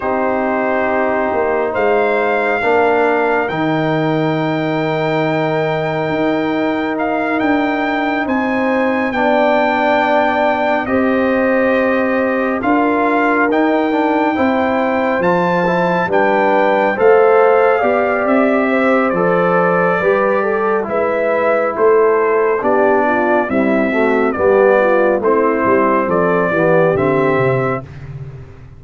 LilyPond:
<<
  \new Staff \with { instrumentName = "trumpet" } { \time 4/4 \tempo 4 = 69 c''2 f''2 | g''1 | f''8 g''4 gis''4 g''4.~ | g''8 dis''2 f''4 g''8~ |
g''4. a''4 g''4 f''8~ | f''4 e''4 d''2 | e''4 c''4 d''4 e''4 | d''4 c''4 d''4 e''4 | }
  \new Staff \with { instrumentName = "horn" } { \time 4/4 g'2 c''4 ais'4~ | ais'1~ | ais'4. c''4 d''4.~ | d''8 c''2 ais'4.~ |
ais'8 c''2 b'4 c''8~ | c''8 d''4 c''4. b'8 a'8 | b'4 a'4 g'8 f'8 e'8 fis'8 | g'8 f'8 e'4 a'8 g'4. | }
  \new Staff \with { instrumentName = "trombone" } { \time 4/4 dis'2. d'4 | dis'1~ | dis'2~ dis'8 d'4.~ | d'8 g'2 f'4 dis'8 |
d'8 e'4 f'8 e'8 d'4 a'8~ | a'8 g'4. a'4 g'4 | e'2 d'4 g8 a8 | b4 c'4. b8 c'4 | }
  \new Staff \with { instrumentName = "tuba" } { \time 4/4 c'4. ais8 gis4 ais4 | dis2. dis'4~ | dis'8 d'4 c'4 b4.~ | b8 c'2 d'4 dis'8~ |
dis'8 c'4 f4 g4 a8~ | a8 b8 c'4 f4 g4 | gis4 a4 b4 c'4 | g4 a8 g8 f8 e8 d8 c8 | }
>>